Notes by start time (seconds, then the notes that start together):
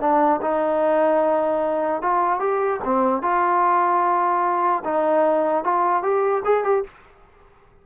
0.00 D4
0.41 D#4
2.02 F4
2.40 G4
2.84 C4
3.22 F4
4.84 D#4
5.64 F4
6.02 G4
6.44 G#4
6.64 G4